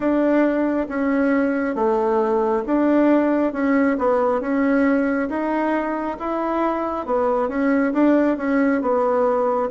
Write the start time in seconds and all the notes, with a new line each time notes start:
0.00 D4
0.88 C#4
1.75 A3
2.66 D4
3.53 C#4
3.98 B3
4.40 C#4
5.29 D#4
6.19 E4
7.06 B3
7.48 C#4
7.93 D4
8.37 C#4
8.81 B3